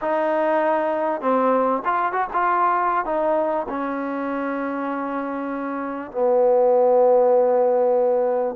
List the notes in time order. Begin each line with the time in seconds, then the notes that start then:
0.01 D#4
1.21 C4
1.85 F4
2.12 F#4
2.33 F4
3.05 D#4
3.68 C#4
6.11 B3